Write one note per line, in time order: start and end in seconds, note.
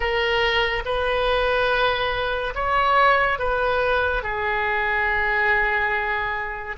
0.00 0.83 A#4
0.85 2.54 B4
2.54 3.38 C#5
3.38 4.23 B4
4.23 6.76 G#4